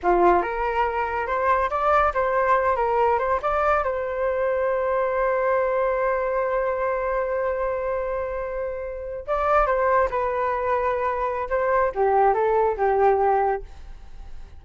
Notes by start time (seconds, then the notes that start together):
0.02 F4
0.42 A#4
1.27 C5
1.70 D5
2.14 C5
2.76 A#4
3.19 C5
3.42 D5
3.83 C5
9.27 D5
9.66 C5
10.10 B4
11.49 C5
11.94 G4
12.34 A4
12.77 G4